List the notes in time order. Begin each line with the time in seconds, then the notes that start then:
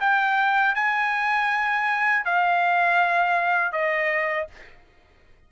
0.00 G5
0.75 G#5
2.25 F5
3.72 D#5